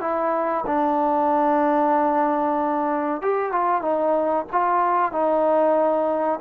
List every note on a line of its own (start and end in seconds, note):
0.00 0.64 E4
0.66 3.21 D4
3.21 3.52 G4
3.52 3.81 F4
3.81 4.45 D#4
4.52 5.12 F4
5.12 6.39 D#4